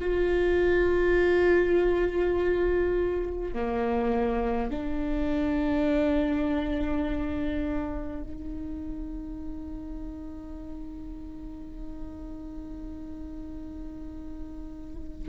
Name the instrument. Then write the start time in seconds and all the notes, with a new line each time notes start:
viola
0.00 F4
3.53 A#3
4.70 D4
8.23 D#4